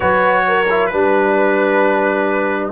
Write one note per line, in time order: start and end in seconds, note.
0.00 0.91 F#3
0.00 0.65 F#4
0.00 0.42 B4
0.00 0.86 C#5
0.47 0.90 A#4
0.70 0.91 E4
0.86 2.71 G3
0.86 2.71 D4
0.86 2.68 B4
0.86 2.71 B4